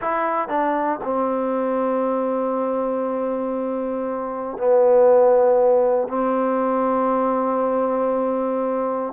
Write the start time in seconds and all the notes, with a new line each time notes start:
0.01 E4
0.48 D4
1.04 C4
4.57 B3
6.08 C4